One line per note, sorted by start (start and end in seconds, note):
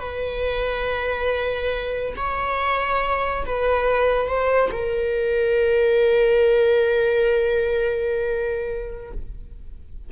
0.00 2.14 B4
2.17 3.45 C#5
3.46 4.28 B4
4.28 4.71 C5
4.73 9.12 A#4